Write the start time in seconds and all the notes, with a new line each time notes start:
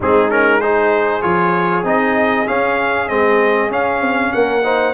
0.00 G#3 C4 D#4 G#4
0.30 C#4 A#4
0.60 D#4 G#4 C5
1.21 F3 F4 C#5
1.84 C4 D#4 D#5
2.46 C#4 F5
3.08 G#3 C4 D#5
3.69 C#4 F5
4.00 C4
4.32 A#3 A#4 F#5
4.63 D#4 C5